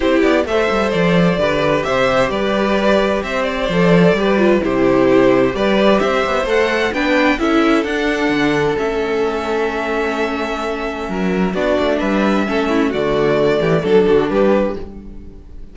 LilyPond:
<<
  \new Staff \with { instrumentName = "violin" } { \time 4/4 \tempo 4 = 130 c''8 d''8 e''4 d''2 | e''4 d''2 e''8 d''8~ | d''2 c''2 | d''4 e''4 fis''4 g''4 |
e''4 fis''2 e''4~ | e''1~ | e''4 d''4 e''2 | d''2 a'4 b'4 | }
  \new Staff \with { instrumentName = "violin" } { \time 4/4 g'4 c''2 b'4 | c''4 b'2 c''4~ | c''4 b'4 g'2 | b'4 c''2 b'4 |
a'1~ | a'1 | ais'4 fis'4 b'4 a'8 e'8 | fis'4. g'8 a'8 fis'8 g'4 | }
  \new Staff \with { instrumentName = "viola" } { \time 4/4 e'4 a'2 g'4~ | g'1 | a'4 g'8 f'8 e'2 | g'2 a'4 d'4 |
e'4 d'2 cis'4~ | cis'1~ | cis'4 d'2 cis'4 | a2 d'2 | }
  \new Staff \with { instrumentName = "cello" } { \time 4/4 c'8 b8 a8 g8 f4 d4 | c4 g2 c'4 | f4 g4 c2 | g4 c'8 b8 a4 b4 |
cis'4 d'4 d4 a4~ | a1 | fis4 b8 a8 g4 a4 | d4. e8 fis8 d8 g4 | }
>>